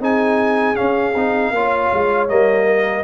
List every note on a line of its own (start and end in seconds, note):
0.00 0.76 C4
0.00 0.75 D#4
0.00 1.52 G#4
0.00 0.76 G#5
0.75 1.13 C#4
0.75 1.15 C#4
0.75 2.28 F5
1.15 1.51 C4
1.15 1.55 D#4
1.51 1.89 A#3
1.51 2.29 F4
1.51 2.66 C#5
1.94 2.30 G#3
2.29 3.04 G3
2.29 3.04 A#3
2.29 3.04 D#5
2.66 3.04 A#4